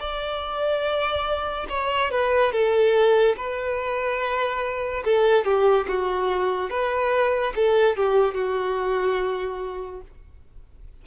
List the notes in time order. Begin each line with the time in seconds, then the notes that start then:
0.00 D5
1.69 C#5
2.11 B4
2.52 A4
3.37 B4
5.04 A4
5.45 G4
5.87 F#4
6.70 B4
7.55 A4
7.96 G4
8.34 F#4